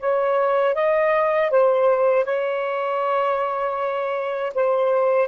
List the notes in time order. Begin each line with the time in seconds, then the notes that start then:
0.00 C#5
0.75 D#5
1.51 C5
2.25 C#5
4.55 C5